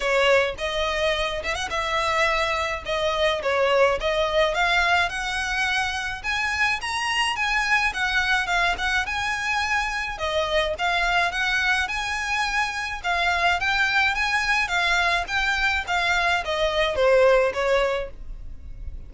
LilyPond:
\new Staff \with { instrumentName = "violin" } { \time 4/4 \tempo 4 = 106 cis''4 dis''4. e''16 fis''16 e''4~ | e''4 dis''4 cis''4 dis''4 | f''4 fis''2 gis''4 | ais''4 gis''4 fis''4 f''8 fis''8 |
gis''2 dis''4 f''4 | fis''4 gis''2 f''4 | g''4 gis''4 f''4 g''4 | f''4 dis''4 c''4 cis''4 | }